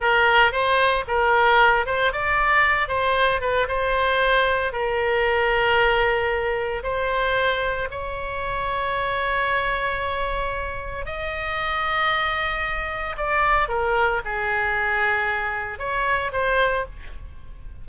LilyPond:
\new Staff \with { instrumentName = "oboe" } { \time 4/4 \tempo 4 = 114 ais'4 c''4 ais'4. c''8 | d''4. c''4 b'8 c''4~ | c''4 ais'2.~ | ais'4 c''2 cis''4~ |
cis''1~ | cis''4 dis''2.~ | dis''4 d''4 ais'4 gis'4~ | gis'2 cis''4 c''4 | }